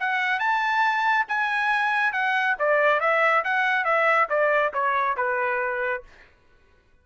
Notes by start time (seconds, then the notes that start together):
0.00 F#5
0.39 A5
1.28 G#5
2.13 F#5
2.59 D5
3.00 E5
3.44 F#5
3.85 E5
4.29 D5
4.73 C#5
5.17 B4